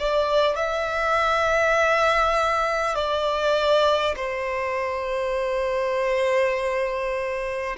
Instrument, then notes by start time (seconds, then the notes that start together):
violin
0.00 D5
0.56 E5
2.95 D5
4.17 C5